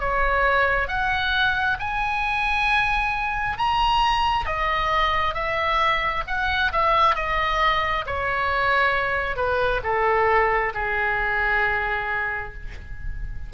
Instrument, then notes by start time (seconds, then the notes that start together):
oboe
0.00 C#5
0.88 F#5
1.80 G#5
3.58 A#5
4.46 D#5
5.34 E5
6.27 F#5
6.72 E5
7.16 D#5
8.06 C#5
9.36 B4
9.84 A4
10.74 G#4